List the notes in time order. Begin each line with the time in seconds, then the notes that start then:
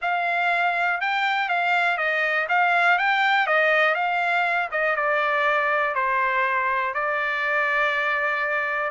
0.01 F5
1.00 G5
1.48 F5
1.97 D#5
2.49 F5
2.98 G5
3.46 D#5
3.94 F5
4.71 D#5
4.96 D5
5.94 C5
6.94 D5